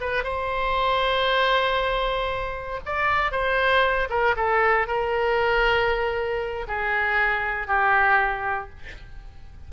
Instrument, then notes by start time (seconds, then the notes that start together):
oboe
0.00 B4
0.24 C5
2.85 D5
3.31 C5
4.09 A#4
4.36 A4
4.87 A#4
6.67 G#4
7.67 G4